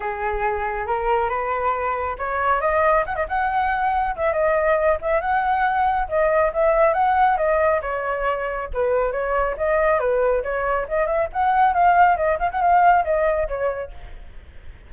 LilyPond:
\new Staff \with { instrumentName = "flute" } { \time 4/4 \tempo 4 = 138 gis'2 ais'4 b'4~ | b'4 cis''4 dis''4 fis''16 dis''16 fis''8~ | fis''4. e''8 dis''4. e''8 | fis''2 dis''4 e''4 |
fis''4 dis''4 cis''2 | b'4 cis''4 dis''4 b'4 | cis''4 dis''8 e''8 fis''4 f''4 | dis''8 f''16 fis''16 f''4 dis''4 cis''4 | }